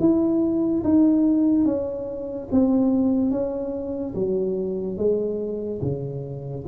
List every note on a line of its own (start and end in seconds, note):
0.00 0.83 E4
0.84 1.65 D#4
1.65 2.48 C#4
2.52 3.31 C4
3.31 4.14 C#4
4.15 4.97 F#3
4.97 5.81 G#3
5.81 6.65 C#3